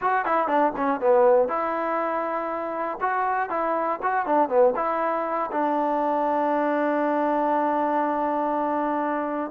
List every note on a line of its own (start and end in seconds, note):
0.01 0.25 F#4
0.25 0.47 E4
0.47 0.72 D4
0.76 1.00 C#4
1.00 1.48 B3
1.48 2.98 E4
3.00 3.49 F#4
3.49 3.99 E4
4.02 4.26 F#4
4.26 4.48 D4
4.48 4.73 B3
4.75 5.50 E4
5.51 9.50 D4